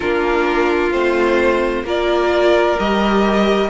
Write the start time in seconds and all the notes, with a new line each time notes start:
0.00 A#3 D4 F4 A#4
0.92 A3 C4 C5
1.83 A#3 F4 A#4 D5
2.78 G3 G4 D#5